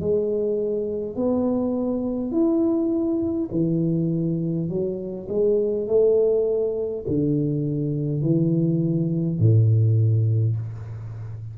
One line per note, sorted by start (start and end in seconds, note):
0.00 1.16 G#3
1.16 2.31 B3
2.31 3.49 E4
3.51 4.68 E3
4.68 5.27 F#3
5.28 5.87 G#3
5.87 7.05 A3
7.07 8.21 D3
8.21 9.39 E3
9.39 10.56 A2